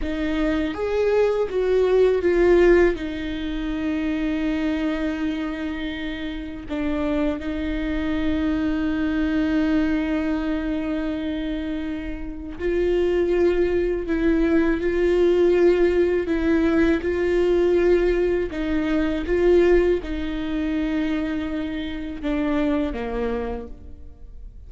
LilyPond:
\new Staff \with { instrumentName = "viola" } { \time 4/4 \tempo 4 = 81 dis'4 gis'4 fis'4 f'4 | dis'1~ | dis'4 d'4 dis'2~ | dis'1~ |
dis'4 f'2 e'4 | f'2 e'4 f'4~ | f'4 dis'4 f'4 dis'4~ | dis'2 d'4 ais4 | }